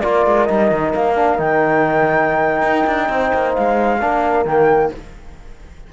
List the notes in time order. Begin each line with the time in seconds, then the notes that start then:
0.00 A#3 F4 A#4 D5
0.26 G#3
0.45 G3 D#4 D#5
0.71 D#3
0.95 A#3 F5
1.15 D4
1.37 D#3 D#4 G5
2.62 D#4
2.87 D4
3.09 C4 C5
3.34 A#3
3.54 G#3 F5
4.00 A#3 D4 A#4
4.45 D#3 A#3 G5